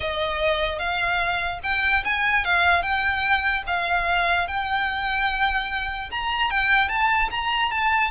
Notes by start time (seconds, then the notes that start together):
0.00 D#5
0.78 F5
1.63 G5
2.04 G#5
2.44 F5
2.82 G5
3.66 F5
4.47 G5
6.10 A#5
6.50 G5
6.88 A5
7.30 A#5
7.71 A5